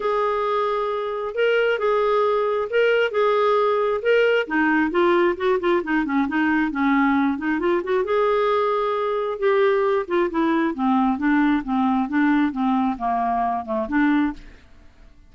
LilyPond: \new Staff \with { instrumentName = "clarinet" } { \time 4/4 \tempo 4 = 134 gis'2. ais'4 | gis'2 ais'4 gis'4~ | gis'4 ais'4 dis'4 f'4 | fis'8 f'8 dis'8 cis'8 dis'4 cis'4~ |
cis'8 dis'8 f'8 fis'8 gis'2~ | gis'4 g'4. f'8 e'4 | c'4 d'4 c'4 d'4 | c'4 ais4. a8 d'4 | }